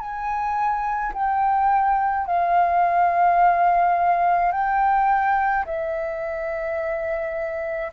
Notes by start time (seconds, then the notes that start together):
0.00 G#5
1.14 G5
2.27 F5
4.52 G5
5.66 E5